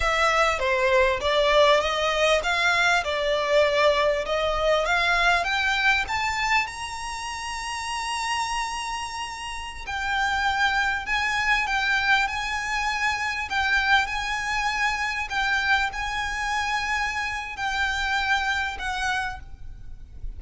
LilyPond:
\new Staff \with { instrumentName = "violin" } { \time 4/4 \tempo 4 = 99 e''4 c''4 d''4 dis''4 | f''4 d''2 dis''4 | f''4 g''4 a''4 ais''4~ | ais''1~ |
ais''16 g''2 gis''4 g''8.~ | g''16 gis''2 g''4 gis''8.~ | gis''4~ gis''16 g''4 gis''4.~ gis''16~ | gis''4 g''2 fis''4 | }